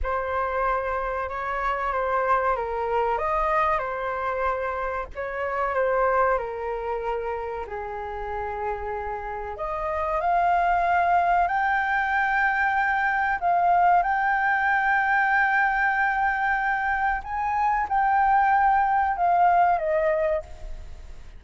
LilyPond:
\new Staff \with { instrumentName = "flute" } { \time 4/4 \tempo 4 = 94 c''2 cis''4 c''4 | ais'4 dis''4 c''2 | cis''4 c''4 ais'2 | gis'2. dis''4 |
f''2 g''2~ | g''4 f''4 g''2~ | g''2. gis''4 | g''2 f''4 dis''4 | }